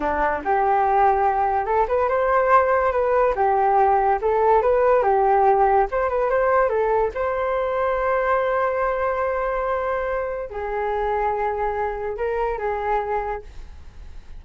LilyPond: \new Staff \with { instrumentName = "flute" } { \time 4/4 \tempo 4 = 143 d'4 g'2. | a'8 b'8 c''2 b'4 | g'2 a'4 b'4 | g'2 c''8 b'8 c''4 |
a'4 c''2.~ | c''1~ | c''4 gis'2.~ | gis'4 ais'4 gis'2 | }